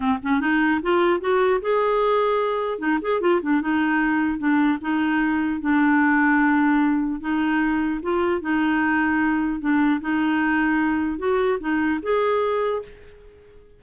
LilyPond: \new Staff \with { instrumentName = "clarinet" } { \time 4/4 \tempo 4 = 150 c'8 cis'8 dis'4 f'4 fis'4 | gis'2. dis'8 gis'8 | f'8 d'8 dis'2 d'4 | dis'2 d'2~ |
d'2 dis'2 | f'4 dis'2. | d'4 dis'2. | fis'4 dis'4 gis'2 | }